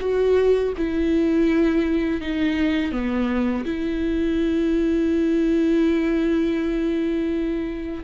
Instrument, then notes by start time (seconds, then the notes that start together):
viola
0.00 F#4
0.77 E4
2.21 D#4
2.91 B3
3.65 E4